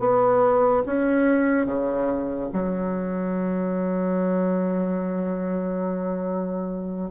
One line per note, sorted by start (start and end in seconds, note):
0.00 0.83 B3
0.87 1.67 C#4
1.67 2.50 C#3
2.53 7.11 F#3